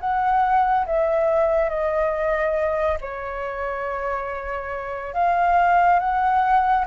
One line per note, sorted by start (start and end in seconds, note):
0.00 0.86 F#5
0.86 1.69 E5
1.69 2.98 D#5
3.01 5.14 C#5
5.14 5.99 F5
5.99 6.85 F#5